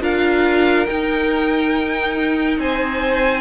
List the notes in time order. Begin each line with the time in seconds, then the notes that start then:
0.00 D4 F4 A#4 F5
0.86 D#4 G5
2.57 C4 C5 G#5